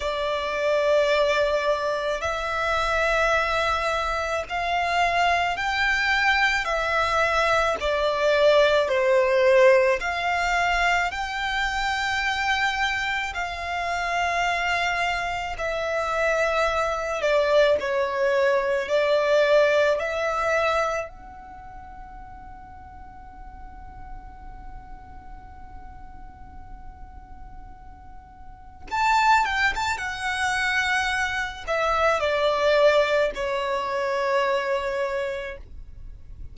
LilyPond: \new Staff \with { instrumentName = "violin" } { \time 4/4 \tempo 4 = 54 d''2 e''2 | f''4 g''4 e''4 d''4 | c''4 f''4 g''2 | f''2 e''4. d''8 |
cis''4 d''4 e''4 fis''4~ | fis''1~ | fis''2 a''8 g''16 a''16 fis''4~ | fis''8 e''8 d''4 cis''2 | }